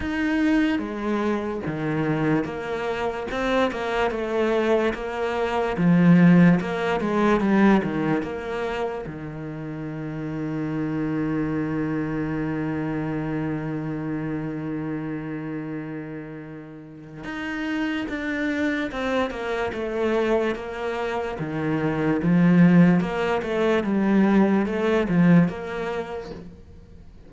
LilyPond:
\new Staff \with { instrumentName = "cello" } { \time 4/4 \tempo 4 = 73 dis'4 gis4 dis4 ais4 | c'8 ais8 a4 ais4 f4 | ais8 gis8 g8 dis8 ais4 dis4~ | dis1~ |
dis1~ | dis4 dis'4 d'4 c'8 ais8 | a4 ais4 dis4 f4 | ais8 a8 g4 a8 f8 ais4 | }